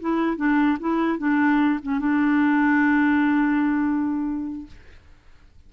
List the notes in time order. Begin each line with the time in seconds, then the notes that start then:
0.00 E4
0.36 D4
0.80 E4
1.18 D4
1.82 C#4
1.99 D4